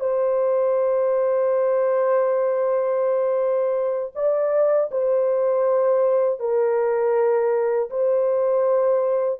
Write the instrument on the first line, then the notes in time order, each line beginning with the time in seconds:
horn
0.00 C5
4.15 D5
4.91 C5
6.40 A#4
7.90 C5